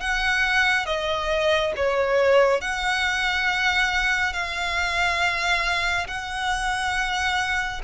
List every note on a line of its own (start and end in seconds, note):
0.00 0.86 F#5
0.86 1.73 D#5
1.76 2.61 C#5
2.61 4.33 F#5
4.33 6.07 F5
6.07 7.81 F#5